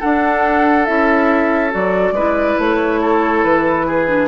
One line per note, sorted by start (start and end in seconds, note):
0.00 0.87 D4
0.00 0.89 D4
0.00 2.14 A4
0.00 0.86 F#5
0.86 1.74 C#4
0.86 1.71 E4
0.86 1.71 E5
1.71 2.12 F#3
1.71 2.14 F#4
1.71 2.60 D5
2.12 2.55 G#3
2.12 4.08 E4
2.12 3.01 B4
2.59 3.44 A3
2.59 3.45 C#5
3.02 3.87 A4
3.44 4.28 E3
3.44 4.28 B4
3.87 4.28 G#4
4.08 4.28 D4